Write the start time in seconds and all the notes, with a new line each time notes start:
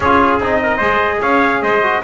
0.00 C#4 F4 G#4 C#5
0.39 C4 D#4 D#5
0.63 A#4
0.77 G#3 G#4 C5
1.21 C#4 C#5 F5
1.62 G#3 C5 D#5
1.83 F#4